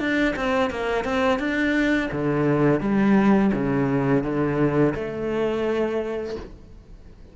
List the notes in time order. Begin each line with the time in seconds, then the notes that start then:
0.00 D4
0.36 C4
0.71 A#3
1.05 C4
1.40 D4
2.12 D3
2.81 G3
3.54 C#3
4.24 D3
4.95 A3